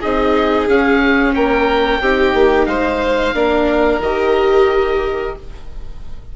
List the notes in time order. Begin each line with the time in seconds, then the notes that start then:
0.00 C4 D#4 G#4 D#5
0.68 C#4 F5
1.34 A#3 A#4 G5
2.00 C4 D#4 G4
2.34 A#3
2.66 G#3 C5 F5
3.34 A#3 D4 A#4
3.99 D#3 G4 D#5